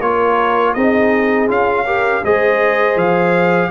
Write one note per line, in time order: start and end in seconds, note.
0.00 0.74 A#3
0.00 0.76 F4
0.00 0.74 A#4
0.00 0.74 C#5
0.74 1.49 C4
0.74 1.48 D#4
0.74 1.85 G#4
0.74 1.48 D#5
1.48 2.23 C#4
1.48 1.85 F4
1.48 2.25 F5
1.85 2.23 G4
1.85 2.23 A#4
2.23 2.96 G#3
2.23 3.71 G#4
2.23 3.71 C5
2.23 2.98 D#5
2.96 3.70 F3
2.96 3.71 F5